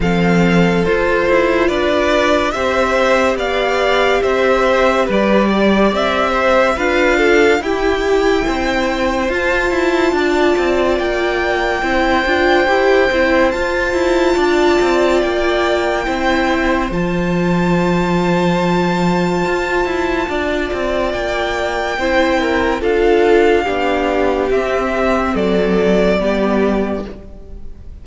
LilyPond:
<<
  \new Staff \with { instrumentName = "violin" } { \time 4/4 \tempo 4 = 71 f''4 c''4 d''4 e''4 | f''4 e''4 d''4 e''4 | f''4 g''2 a''4~ | a''4 g''2. |
a''2 g''2 | a''1~ | a''4 g''2 f''4~ | f''4 e''4 d''2 | }
  \new Staff \with { instrumentName = "violin" } { \time 4/4 a'2 b'4 c''4 | d''4 c''4 b'8 d''4 c''8 | b'8 a'8 g'4 c''2 | d''2 c''2~ |
c''4 d''2 c''4~ | c''1 | d''2 c''8 ais'8 a'4 | g'2 a'4 g'4 | }
  \new Staff \with { instrumentName = "viola" } { \time 4/4 c'4 f'2 g'4~ | g'1 | f'4 e'2 f'4~ | f'2 e'8 f'8 g'8 e'8 |
f'2. e'4 | f'1~ | f'2 e'4 f'4 | d'4 c'2 b4 | }
  \new Staff \with { instrumentName = "cello" } { \time 4/4 f4 f'8 e'8 d'4 c'4 | b4 c'4 g4 c'4 | d'4 e'4 c'4 f'8 e'8 | d'8 c'8 ais4 c'8 d'8 e'8 c'8 |
f'8 e'8 d'8 c'8 ais4 c'4 | f2. f'8 e'8 | d'8 c'8 ais4 c'4 d'4 | b4 c'4 fis4 g4 | }
>>